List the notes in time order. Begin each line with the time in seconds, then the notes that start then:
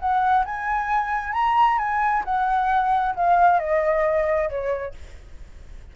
0.00 F#5
0.46 G#5
1.33 A#5
1.79 G#5
2.25 F#5
3.16 F5
3.60 D#5
4.50 C#5